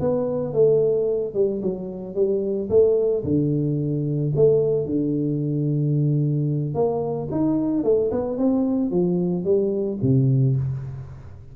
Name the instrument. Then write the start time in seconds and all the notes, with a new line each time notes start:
tuba
0.00 B3
0.53 A3
1.34 G3
1.62 F#3
2.15 G3
2.70 A3
3.24 D3
4.36 A3
4.86 D3
6.74 A#3
7.31 D#4
7.83 A3
8.11 B3
8.37 C4
8.90 F3
9.44 G3
10.02 C3